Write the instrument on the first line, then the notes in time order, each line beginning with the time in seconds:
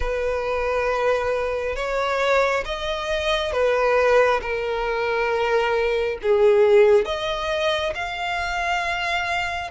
violin
0.00 B4
1.76 C#5
2.65 D#5
3.52 B4
4.41 A#4
6.22 G#4
7.05 D#5
7.95 F5